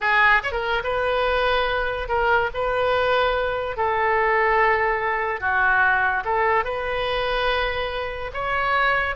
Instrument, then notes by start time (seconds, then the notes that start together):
oboe
0.01 G#4
0.43 C#5
0.51 A#4
0.83 B4
2.08 A#4
2.54 B4
3.76 A4
5.40 F#4
6.24 A4
6.64 B4
8.33 C#5